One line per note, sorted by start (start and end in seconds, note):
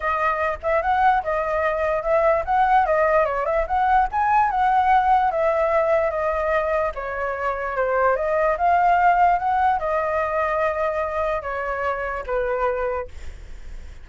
0.00 0.58 D#5
0.62 0.82 E5
0.82 1.22 F#5
1.23 2.03 D#5
2.03 2.43 E5
2.45 2.86 F#5
2.86 3.25 D#5
3.25 3.45 C#5
3.45 3.66 E5
3.67 4.08 F#5
4.11 4.50 G#5
4.50 5.31 F#5
5.31 6.10 E5
6.10 6.92 D#5
6.94 7.76 C#5
7.76 8.16 C5
8.16 8.56 D#5
8.57 9.39 F5
9.39 9.79 F#5
9.79 11.42 D#5
11.42 12.23 C#5
12.26 13.08 B4